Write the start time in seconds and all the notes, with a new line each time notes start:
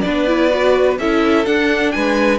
0.00 B3 D4 B4 D5
0.27 E4
0.49 F#4
0.98 C#4 E4 A4 E5
1.45 D4 F#5
1.91 G#3 B4 G#5